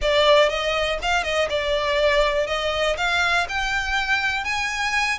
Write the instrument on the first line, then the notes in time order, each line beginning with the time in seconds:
violin
0.01 D5
0.49 D#5
1.02 F5
1.23 D#5
1.49 D5
2.46 D#5
2.97 F5
3.48 G5
4.44 G#5